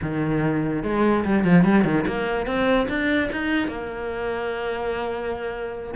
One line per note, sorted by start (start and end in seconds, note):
0.02 0.83 D#3
0.83 1.24 G#3
1.24 1.44 G3
1.44 1.64 F3
1.64 1.84 G3
1.84 2.05 D#3
2.07 2.46 A#3
2.46 2.87 C4
2.88 3.29 D4
3.32 3.68 D#4
3.68 5.94 A#3